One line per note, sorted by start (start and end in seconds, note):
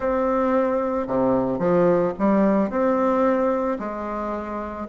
0.00 1.07 C4
1.07 1.58 C3
1.58 2.12 F3
2.18 2.70 G3
2.70 3.78 C4
3.79 4.87 G#3